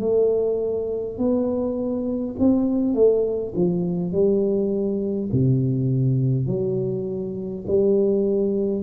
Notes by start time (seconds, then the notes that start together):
0.00 A3
1.18 B3
2.39 C4
2.94 A3
3.55 F3
4.12 G3
5.32 C3
6.47 F#3
7.67 G3